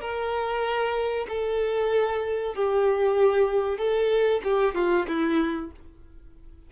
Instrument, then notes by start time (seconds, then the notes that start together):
violin
0.00 A#4
1.28 A4
2.55 G4
3.78 A4
4.44 G4
4.75 F4
5.08 E4